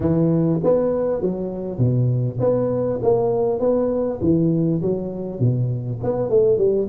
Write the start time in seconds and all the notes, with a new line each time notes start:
0.00 E3
0.63 B3
1.21 F#3
1.78 B2
2.40 B3
3.02 A#3
3.59 B3
4.21 E3
4.81 F#3
5.39 B2
6.03 B3
6.29 A3
6.57 G3